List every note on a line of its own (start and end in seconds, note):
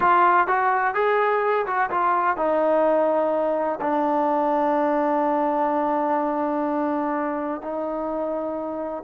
0.00 0.47 F4
0.47 0.94 F#4
0.94 1.65 G#4
1.66 1.90 F#4
1.90 2.37 F4
2.37 3.79 D#4
3.80 7.61 D4
7.61 9.03 D#4